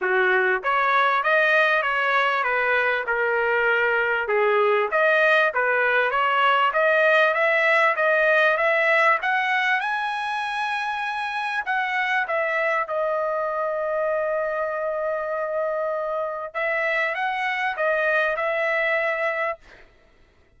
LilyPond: \new Staff \with { instrumentName = "trumpet" } { \time 4/4 \tempo 4 = 98 fis'4 cis''4 dis''4 cis''4 | b'4 ais'2 gis'4 | dis''4 b'4 cis''4 dis''4 | e''4 dis''4 e''4 fis''4 |
gis''2. fis''4 | e''4 dis''2.~ | dis''2. e''4 | fis''4 dis''4 e''2 | }